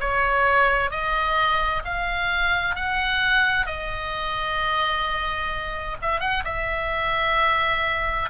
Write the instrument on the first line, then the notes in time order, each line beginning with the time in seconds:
oboe
0.00 C#5
0.90 D#5
1.84 F5
2.75 F#5
3.66 D#5
6.02 E5
6.20 F#5
6.44 E5